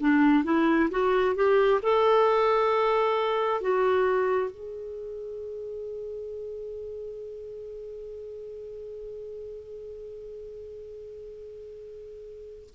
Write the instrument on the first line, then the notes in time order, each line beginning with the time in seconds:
clarinet
0.00 D4
0.44 E4
0.90 F#4
1.35 G4
1.83 A4
3.61 F#4
4.51 G#4